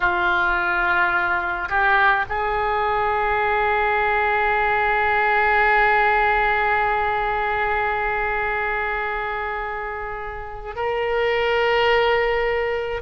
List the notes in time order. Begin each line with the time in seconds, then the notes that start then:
0.00 F4
1.69 G4
2.28 G#4
10.75 A#4